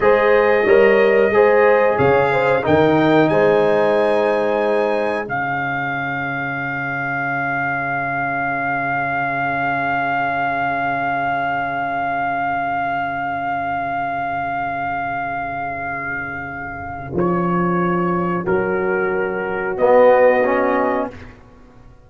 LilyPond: <<
  \new Staff \with { instrumentName = "trumpet" } { \time 4/4 \tempo 4 = 91 dis''2. f''4 | g''4 gis''2. | f''1~ | f''1~ |
f''1~ | f''1~ | f''2 cis''2 | ais'2 dis''2 | }
  \new Staff \with { instrumentName = "horn" } { \time 4/4 c''4 cis''4 c''4 cis''8 c''8 | ais'4 c''2. | gis'1~ | gis'1~ |
gis'1~ | gis'1~ | gis'1 | fis'1 | }
  \new Staff \with { instrumentName = "trombone" } { \time 4/4 gis'4 ais'4 gis'2 | dis'1 | cis'1~ | cis'1~ |
cis'1~ | cis'1~ | cis'1~ | cis'2 b4 cis'4 | }
  \new Staff \with { instrumentName = "tuba" } { \time 4/4 gis4 g4 gis4 cis4 | dis4 gis2. | cis1~ | cis1~ |
cis1~ | cis1~ | cis2 f2 | fis2 b2 | }
>>